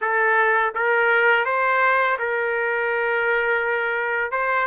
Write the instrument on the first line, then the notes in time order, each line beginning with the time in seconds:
trumpet
0.01 A4
0.74 A#4
1.45 C5
2.19 A#4
4.31 C5